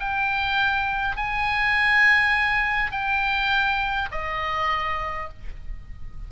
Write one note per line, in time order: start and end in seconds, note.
0.00 1.17 G5
1.17 2.91 G#5
2.91 4.09 G5
4.11 5.29 D#5